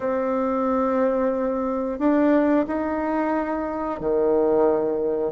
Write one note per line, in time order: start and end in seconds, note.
0.00 1.98 C4
1.98 2.65 D4
2.67 4.00 D#4
4.00 5.32 D#3